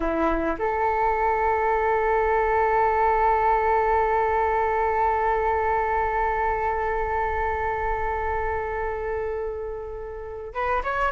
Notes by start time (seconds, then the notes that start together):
0.00 E4
0.58 A4
10.53 B4
10.83 C#5